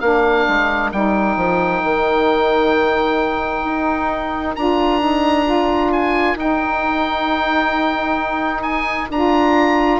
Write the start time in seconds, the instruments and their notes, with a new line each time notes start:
0.00 bassoon A#3, saxophone D4, violin A#4, oboe F5
0.48 bassoon G#3
0.92 bassoon G3, saxophone D#4, oboe G5
1.36 bassoon F3
1.83 bassoon D#3
3.64 bassoon D#4
4.55 bassoon D4, saxophone F4, oboe A#5
5.00 saxophone D#4
5.45 saxophone F4
5.92 oboe G#5
6.36 bassoon D#4, saxophone D#4, oboe G5
8.62 oboe G#5
9.09 bassoon D4, saxophone F4, oboe A#5